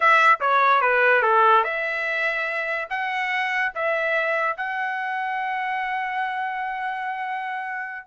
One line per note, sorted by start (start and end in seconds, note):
0.00 0.38 E5
0.40 0.81 C#5
0.81 1.22 B4
1.22 1.63 A4
1.64 2.88 E5
2.89 3.72 F#5
3.74 4.56 E5
4.56 8.07 F#5